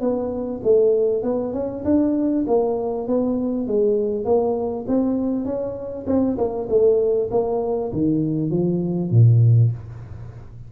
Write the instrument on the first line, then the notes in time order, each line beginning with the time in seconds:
tuba
0.00 B3
0.63 A3
1.23 B3
1.53 C#4
1.84 D4
2.47 A#3
3.07 B3
3.67 G#3
4.24 A#3
4.87 C4
5.45 C#4
6.06 C4
6.37 A#3
6.69 A3
7.31 A#3
7.92 D#3
8.50 F3
9.10 A#2